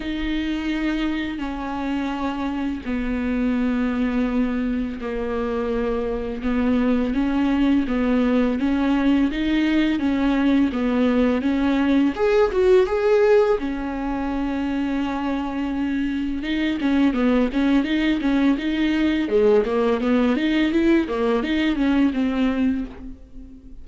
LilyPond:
\new Staff \with { instrumentName = "viola" } { \time 4/4 \tempo 4 = 84 dis'2 cis'2 | b2. ais4~ | ais4 b4 cis'4 b4 | cis'4 dis'4 cis'4 b4 |
cis'4 gis'8 fis'8 gis'4 cis'4~ | cis'2. dis'8 cis'8 | b8 cis'8 dis'8 cis'8 dis'4 gis8 ais8 | b8 dis'8 e'8 ais8 dis'8 cis'8 c'4 | }